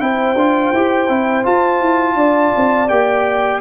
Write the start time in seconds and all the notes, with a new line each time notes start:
0.00 C4 E4 C5 G5
0.35 D4 F4
0.73 E4 G4
1.09 C4 E4
1.43 F4 A5
1.81 E4
2.16 D4 D5
2.57 C4
2.89 A#3 G4 G5